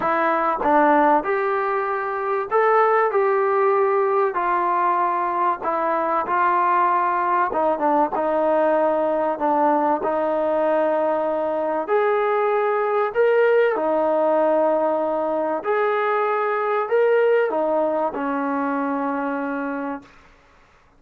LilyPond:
\new Staff \with { instrumentName = "trombone" } { \time 4/4 \tempo 4 = 96 e'4 d'4 g'2 | a'4 g'2 f'4~ | f'4 e'4 f'2 | dis'8 d'8 dis'2 d'4 |
dis'2. gis'4~ | gis'4 ais'4 dis'2~ | dis'4 gis'2 ais'4 | dis'4 cis'2. | }